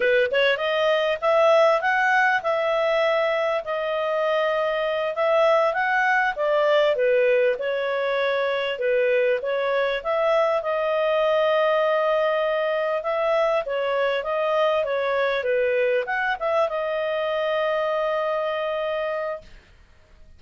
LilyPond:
\new Staff \with { instrumentName = "clarinet" } { \time 4/4 \tempo 4 = 99 b'8 cis''8 dis''4 e''4 fis''4 | e''2 dis''2~ | dis''8 e''4 fis''4 d''4 b'8~ | b'8 cis''2 b'4 cis''8~ |
cis''8 e''4 dis''2~ dis''8~ | dis''4. e''4 cis''4 dis''8~ | dis''8 cis''4 b'4 fis''8 e''8 dis''8~ | dis''1 | }